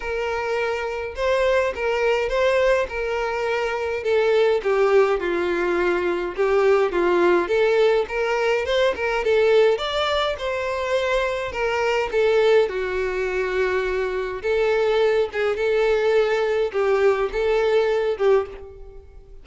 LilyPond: \new Staff \with { instrumentName = "violin" } { \time 4/4 \tempo 4 = 104 ais'2 c''4 ais'4 | c''4 ais'2 a'4 | g'4 f'2 g'4 | f'4 a'4 ais'4 c''8 ais'8 |
a'4 d''4 c''2 | ais'4 a'4 fis'2~ | fis'4 a'4. gis'8 a'4~ | a'4 g'4 a'4. g'8 | }